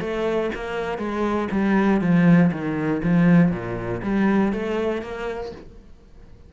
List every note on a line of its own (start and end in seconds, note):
0.00 0.50 A3
0.54 0.98 A#3
0.98 1.48 G#3
1.51 2.01 G3
2.01 2.51 F3
2.51 3.01 D#3
3.03 3.51 F3
3.51 4.01 A#2
4.02 4.52 G3
4.52 5.02 A3
5.02 5.52 A#3